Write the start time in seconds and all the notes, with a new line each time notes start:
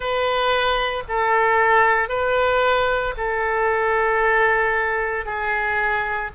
0.00 B4
1.08 A4
2.09 B4
3.17 A4
5.25 G#4